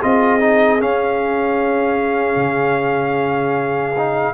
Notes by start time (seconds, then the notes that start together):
0.00 C4 F4 G#4 D#5
0.40 D#4
0.80 C#4 F5
2.37 C#3
3.98 D#4